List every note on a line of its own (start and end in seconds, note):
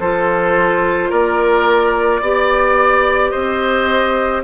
0.00 1.11 F3
0.00 2.23 F4
0.00 1.10 A4
0.00 1.11 C5
1.10 2.21 A#3
1.10 2.21 A#4
1.10 3.30 D5
2.21 3.32 B3
2.21 4.44 G4
2.21 3.31 D5
3.30 4.44 C4
3.30 4.42 C5
3.30 4.41 D#5